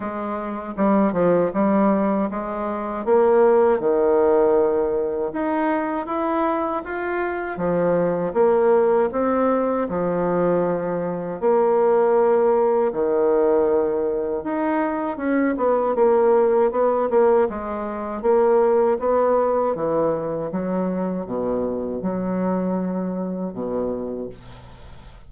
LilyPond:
\new Staff \with { instrumentName = "bassoon" } { \time 4/4 \tempo 4 = 79 gis4 g8 f8 g4 gis4 | ais4 dis2 dis'4 | e'4 f'4 f4 ais4 | c'4 f2 ais4~ |
ais4 dis2 dis'4 | cis'8 b8 ais4 b8 ais8 gis4 | ais4 b4 e4 fis4 | b,4 fis2 b,4 | }